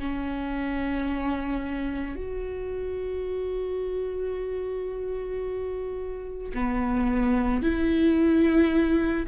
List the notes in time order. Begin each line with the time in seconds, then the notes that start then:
0.00 C#4
2.16 F#4
6.55 B3
7.63 E4